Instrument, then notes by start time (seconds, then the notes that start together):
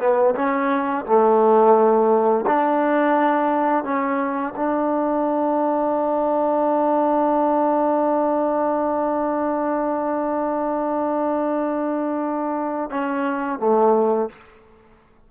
trombone
0.00 B3
0.36 C#4
1.06 A3
2.47 D4
3.85 C#4
4.57 D4
12.91 C#4
13.60 A3